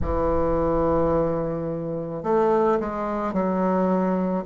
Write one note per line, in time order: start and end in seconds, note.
0.01 2.23 E3
2.23 2.78 A3
2.80 3.33 G#3
3.33 4.44 F#3